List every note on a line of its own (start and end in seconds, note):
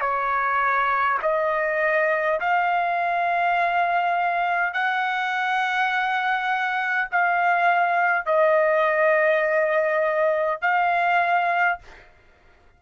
0.00 1.18 C#5
1.22 2.40 D#5
2.40 4.73 F5
4.73 7.08 F#5
7.11 8.26 F5
8.26 10.61 D#5
10.61 11.79 F5